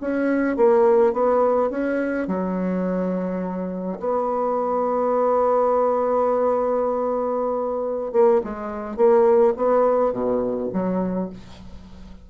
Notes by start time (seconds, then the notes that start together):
0.00 C#4
0.56 A#3
1.13 B3
1.70 C#4
2.27 F#3
3.99 B3
8.12 A#3
8.43 G#3
8.96 A#3
9.56 B3
10.12 B2
10.72 F#3